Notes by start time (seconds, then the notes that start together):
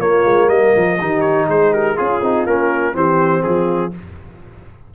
0.00 A#3 F4 C#5
0.25 G#3
0.49 G3 A#4 D#5
0.77 F3
0.99 D#3 D#4 G4
1.21 C#5
1.48 G#3 G#4 C5
1.72 G4 A#4
1.96 C#4 F4 G#4
2.22 C4 D#4
2.46 A#3 C#4 A#4
2.93 E3 C4 G4 C5
3.43 F3 F4 G#4